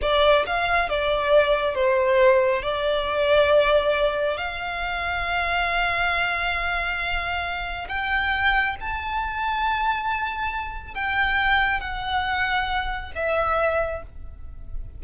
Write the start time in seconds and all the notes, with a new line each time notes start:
0.01 D5
0.46 F5
0.89 D5
1.75 C5
2.62 D5
4.37 F5
7.88 G5
8.80 A5
10.94 G5
11.80 F#5
13.15 E5